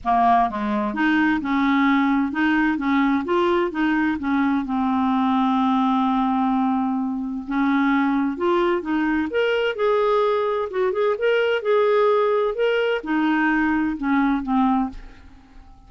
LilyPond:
\new Staff \with { instrumentName = "clarinet" } { \time 4/4 \tempo 4 = 129 ais4 gis4 dis'4 cis'4~ | cis'4 dis'4 cis'4 f'4 | dis'4 cis'4 c'2~ | c'1 |
cis'2 f'4 dis'4 | ais'4 gis'2 fis'8 gis'8 | ais'4 gis'2 ais'4 | dis'2 cis'4 c'4 | }